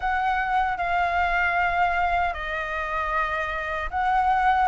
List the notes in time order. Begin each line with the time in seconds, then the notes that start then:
0.00 F#5
0.77 F5
2.33 D#5
3.90 F#5